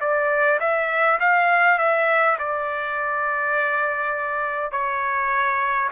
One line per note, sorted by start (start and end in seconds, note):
0.00 0.59 D5
0.59 1.18 E5
1.20 1.78 F5
1.78 2.37 E5
2.39 4.71 D5
4.71 5.89 C#5